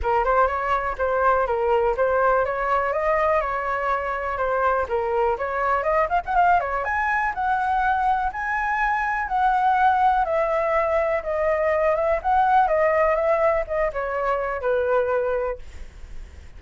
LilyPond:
\new Staff \with { instrumentName = "flute" } { \time 4/4 \tempo 4 = 123 ais'8 c''8 cis''4 c''4 ais'4 | c''4 cis''4 dis''4 cis''4~ | cis''4 c''4 ais'4 cis''4 | dis''8 f''16 fis''16 f''8 cis''8 gis''4 fis''4~ |
fis''4 gis''2 fis''4~ | fis''4 e''2 dis''4~ | dis''8 e''8 fis''4 dis''4 e''4 | dis''8 cis''4. b'2 | }